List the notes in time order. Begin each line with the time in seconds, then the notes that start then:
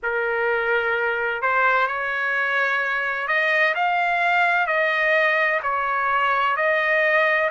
0.03 A#4
1.41 C5
1.87 C#5
3.27 D#5
3.75 F5
4.66 D#5
5.62 C#5
6.56 D#5